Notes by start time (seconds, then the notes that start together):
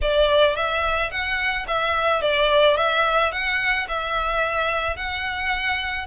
0.01 D5
0.56 E5
1.11 F#5
1.67 E5
2.21 D5
2.76 E5
3.32 F#5
3.88 E5
4.96 F#5